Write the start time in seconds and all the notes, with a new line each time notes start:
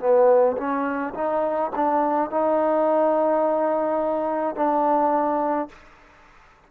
0.00 B3
0.57 C#4
1.15 D#4
1.75 D4
2.31 D#4
4.56 D4